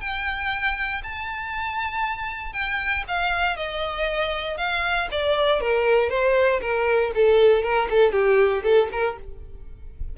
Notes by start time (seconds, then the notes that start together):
0.00 G5
1.03 A5
2.52 G5
3.08 F5
3.56 D#5
4.57 F5
5.11 D5
5.60 A#4
6.09 C5
6.61 A#4
7.15 A4
7.62 A#4
7.90 A4
8.12 G4
8.63 A4
8.92 A#4